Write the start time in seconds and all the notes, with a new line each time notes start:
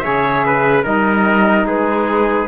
0.00 C#3 G#4 C#5 E5
0.45 B4
0.83 G3 D#4 A#4 D#5
1.64 G#3 G#4 B4